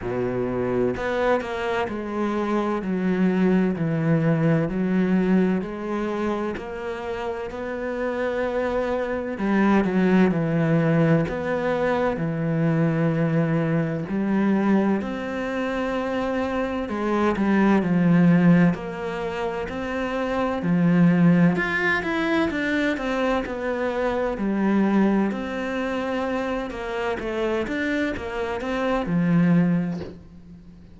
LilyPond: \new Staff \with { instrumentName = "cello" } { \time 4/4 \tempo 4 = 64 b,4 b8 ais8 gis4 fis4 | e4 fis4 gis4 ais4 | b2 g8 fis8 e4 | b4 e2 g4 |
c'2 gis8 g8 f4 | ais4 c'4 f4 f'8 e'8 | d'8 c'8 b4 g4 c'4~ | c'8 ais8 a8 d'8 ais8 c'8 f4 | }